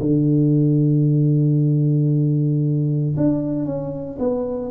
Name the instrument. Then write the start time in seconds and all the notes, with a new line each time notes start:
tuba
0.00 D3
3.17 D4
3.65 C#4
4.19 B3